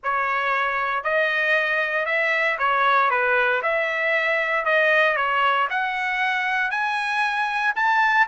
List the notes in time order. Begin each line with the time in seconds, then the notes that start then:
0.03 C#5
1.03 D#5
2.05 E5
2.58 C#5
3.10 B4
3.62 E5
4.65 D#5
5.16 C#5
5.70 F#5
6.70 G#5
7.75 A5